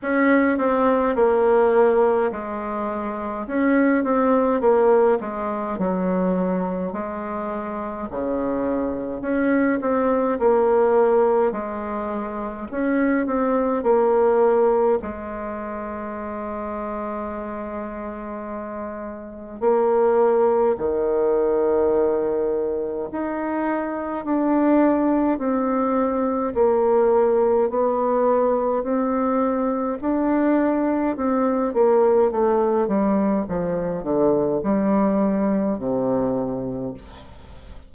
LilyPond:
\new Staff \with { instrumentName = "bassoon" } { \time 4/4 \tempo 4 = 52 cis'8 c'8 ais4 gis4 cis'8 c'8 | ais8 gis8 fis4 gis4 cis4 | cis'8 c'8 ais4 gis4 cis'8 c'8 | ais4 gis2.~ |
gis4 ais4 dis2 | dis'4 d'4 c'4 ais4 | b4 c'4 d'4 c'8 ais8 | a8 g8 f8 d8 g4 c4 | }